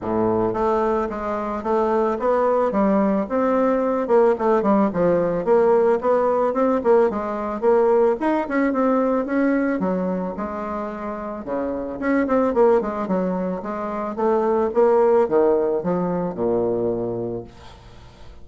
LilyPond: \new Staff \with { instrumentName = "bassoon" } { \time 4/4 \tempo 4 = 110 a,4 a4 gis4 a4 | b4 g4 c'4. ais8 | a8 g8 f4 ais4 b4 | c'8 ais8 gis4 ais4 dis'8 cis'8 |
c'4 cis'4 fis4 gis4~ | gis4 cis4 cis'8 c'8 ais8 gis8 | fis4 gis4 a4 ais4 | dis4 f4 ais,2 | }